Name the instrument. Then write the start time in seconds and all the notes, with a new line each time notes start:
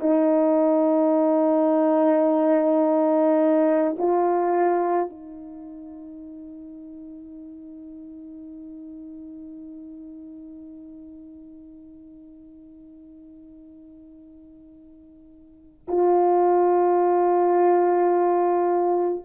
horn
0.00 D#4
3.98 F4
5.09 D#4
15.87 F4